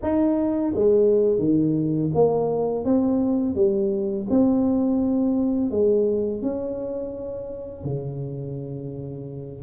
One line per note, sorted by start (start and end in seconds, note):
0.02 0.73 D#4
0.74 1.39 G#3
1.39 2.10 D#3
2.14 2.84 A#3
2.84 3.55 C4
3.55 4.26 G3
4.30 5.70 C4
5.70 6.42 G#3
6.42 7.83 C#4
7.83 9.62 C#3